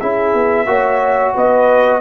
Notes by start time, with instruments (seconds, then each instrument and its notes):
0.00 tuba C#4, trombone E4, horn G#4, trumpet E5
0.34 tuba B3
0.66 tuba A#3, trombone F#4, horn C#5
1.34 tuba B3, horn B4, trumpet D#5